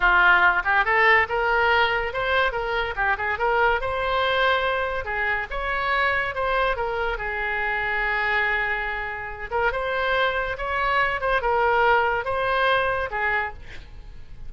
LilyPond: \new Staff \with { instrumentName = "oboe" } { \time 4/4 \tempo 4 = 142 f'4. g'8 a'4 ais'4~ | ais'4 c''4 ais'4 g'8 gis'8 | ais'4 c''2. | gis'4 cis''2 c''4 |
ais'4 gis'2.~ | gis'2~ gis'8 ais'8 c''4~ | c''4 cis''4. c''8 ais'4~ | ais'4 c''2 gis'4 | }